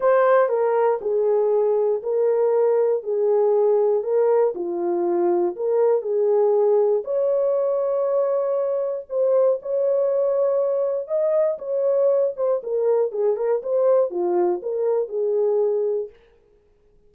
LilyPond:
\new Staff \with { instrumentName = "horn" } { \time 4/4 \tempo 4 = 119 c''4 ais'4 gis'2 | ais'2 gis'2 | ais'4 f'2 ais'4 | gis'2 cis''2~ |
cis''2 c''4 cis''4~ | cis''2 dis''4 cis''4~ | cis''8 c''8 ais'4 gis'8 ais'8 c''4 | f'4 ais'4 gis'2 | }